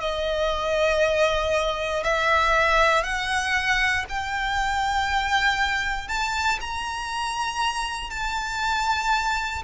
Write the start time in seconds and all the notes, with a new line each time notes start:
0.00 D#5
2.03 E5
3.04 F#5
4.09 G5
6.08 A5
6.61 A#5
8.10 A5